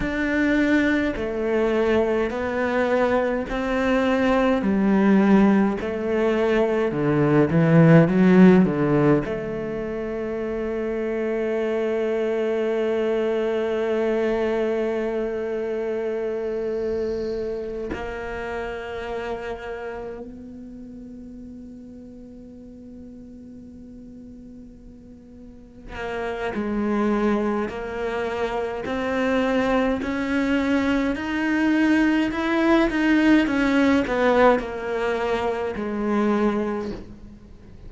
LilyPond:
\new Staff \with { instrumentName = "cello" } { \time 4/4 \tempo 4 = 52 d'4 a4 b4 c'4 | g4 a4 d8 e8 fis8 d8 | a1~ | a2.~ a8 ais8~ |
ais4. b2~ b8~ | b2~ b8 ais8 gis4 | ais4 c'4 cis'4 dis'4 | e'8 dis'8 cis'8 b8 ais4 gis4 | }